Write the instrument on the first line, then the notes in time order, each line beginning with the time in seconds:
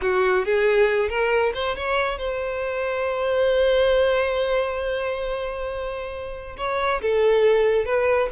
violin
0.01 F#4
0.45 G#4
1.09 A#4
1.54 C5
1.75 C#5
2.18 C5
6.57 C#5
7.01 A4
7.85 B4